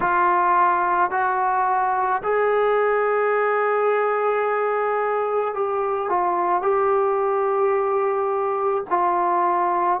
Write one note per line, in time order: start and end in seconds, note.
0.00 1.11 F4
1.11 2.22 F#4
2.23 5.54 G#4
5.54 6.09 G4
6.09 6.62 F4
6.62 8.84 G4
8.89 10.00 F4